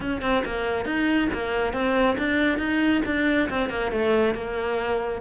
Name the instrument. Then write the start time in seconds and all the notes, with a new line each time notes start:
cello
0.00 C#4
0.21 C4
0.45 A#3
0.85 D#4
1.33 A#3
1.73 C4
2.18 D4
2.58 D#4
3.05 D4
3.49 C4
3.69 A#3
3.91 A3
4.34 A#3